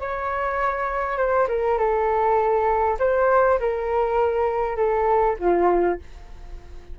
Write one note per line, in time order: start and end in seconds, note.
0.00 1.17 C#5
1.17 1.47 C5
1.48 1.78 A#4
1.78 2.98 A4
2.99 3.59 C5
3.60 4.76 A#4
4.76 5.36 A4
5.39 5.99 F4